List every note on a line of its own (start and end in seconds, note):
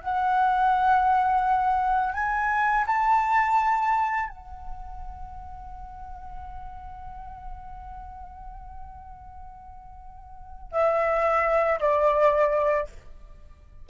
0.00 2.13 F#5
2.13 2.85 G#5
2.86 4.29 A5
4.29 10.71 F#5
10.71 11.79 E5
11.80 12.87 D5